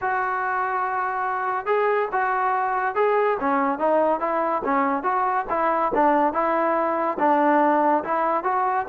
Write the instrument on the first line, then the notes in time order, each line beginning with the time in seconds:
trombone
0.01 F#4
1.66 G#4
2.12 F#4
2.95 G#4
3.40 C#4
3.79 D#4
4.19 E4
4.64 C#4
5.03 F#4
5.49 E4
5.94 D4
6.33 E4
7.19 D4
8.03 E4
8.43 F#4